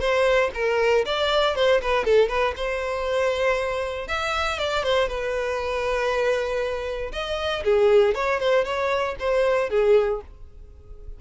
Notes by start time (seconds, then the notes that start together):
0.00 C5
0.54 A#4
1.06 D5
1.56 C5
1.81 B4
2.05 A4
2.29 B4
2.56 C5
4.08 E5
4.59 D5
4.84 C5
5.08 B4
7.12 D#5
7.64 G#4
8.14 C#5
8.40 C5
8.65 C#5
9.19 C5
9.70 G#4